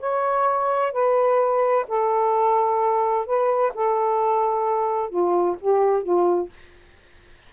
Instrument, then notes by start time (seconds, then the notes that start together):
saxophone
0.00 C#5
0.93 B4
1.88 A4
3.26 B4
3.75 A4
5.10 F4
5.61 G4
6.03 F4